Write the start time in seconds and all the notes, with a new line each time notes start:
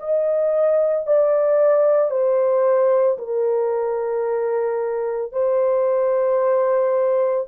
0.00 D#5
1.07 D5
2.11 C5
3.19 A#4
5.33 C5